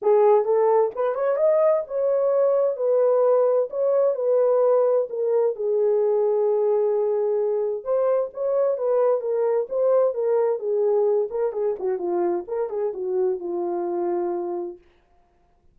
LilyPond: \new Staff \with { instrumentName = "horn" } { \time 4/4 \tempo 4 = 130 gis'4 a'4 b'8 cis''8 dis''4 | cis''2 b'2 | cis''4 b'2 ais'4 | gis'1~ |
gis'4 c''4 cis''4 b'4 | ais'4 c''4 ais'4 gis'4~ | gis'8 ais'8 gis'8 fis'8 f'4 ais'8 gis'8 | fis'4 f'2. | }